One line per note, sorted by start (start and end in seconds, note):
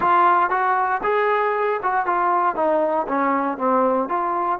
0.00 0.50 F4
0.50 1.01 F#4
1.03 1.80 G#4
1.82 2.05 F#4
2.05 2.55 F4
2.55 3.06 D#4
3.08 3.57 C#4
3.57 4.08 C4
4.08 4.59 F4